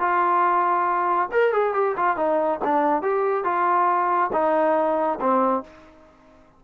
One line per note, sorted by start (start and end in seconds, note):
0.00 1.29 F4
1.32 1.53 A#4
1.53 1.74 G#4
1.74 1.96 G4
1.97 2.17 F4
2.17 2.60 D#4
2.65 3.03 D4
3.03 3.45 G4
3.45 4.31 F4
4.33 5.20 D#4
5.21 5.64 C4